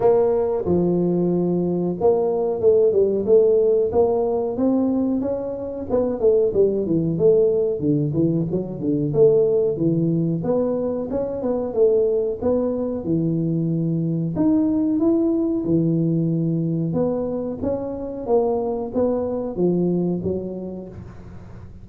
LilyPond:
\new Staff \with { instrumentName = "tuba" } { \time 4/4 \tempo 4 = 92 ais4 f2 ais4 | a8 g8 a4 ais4 c'4 | cis'4 b8 a8 g8 e8 a4 | d8 e8 fis8 d8 a4 e4 |
b4 cis'8 b8 a4 b4 | e2 dis'4 e'4 | e2 b4 cis'4 | ais4 b4 f4 fis4 | }